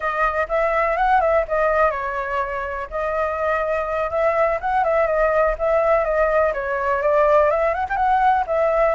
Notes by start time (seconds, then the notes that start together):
0.00 D#5
0.48 E5
0.96 F#5
1.20 E5
1.48 D#5
1.90 C#5
2.90 D#5
4.10 E5
4.61 F#5
4.83 E5
5.07 D#5
5.58 E5
6.04 D#5
6.53 C#5
7.02 D5
7.50 E5
7.74 F#5
7.89 G5
7.96 F#5
8.47 E5